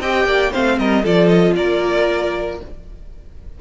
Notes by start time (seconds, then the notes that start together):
0.00 C4 G4 D#5 G5
0.25 A#3 D5
0.51 A3 C4 C5 F5
0.79 G3 A#4 D#5
1.04 F3 F4 A4 D5
1.28 D#5
1.56 A#3 A#4 D5